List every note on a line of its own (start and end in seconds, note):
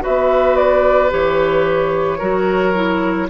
0.00 1.09 F#4
0.00 2.18 B4
0.00 0.56 E5
0.06 1.12 B3
0.56 1.10 D5
1.10 2.20 E3
1.10 2.19 G4
1.10 3.30 C#5
2.18 3.30 F#3
2.18 2.74 F#4
2.18 3.27 A#4
2.74 3.29 E4